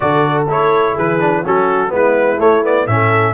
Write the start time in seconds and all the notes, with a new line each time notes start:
0.00 D3 F#4 A4 D5
0.48 A3 E4 C#5
0.94 E3 G#4 B4
1.19 D4
1.44 F#3 C#4 F#4 A4
1.88 G#3 B3 E4
1.95 B4
2.39 A3 C#5
2.63 B3 D5
2.86 A2 C#4 E5
2.93 A4